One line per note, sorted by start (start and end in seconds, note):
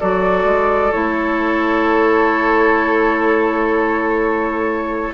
0.00 0.45 F#3
0.00 0.93 F#4
0.00 5.15 A4
0.00 0.92 D5
0.45 0.92 G#3
0.92 5.15 A3
0.92 5.15 E4
0.92 5.14 C#5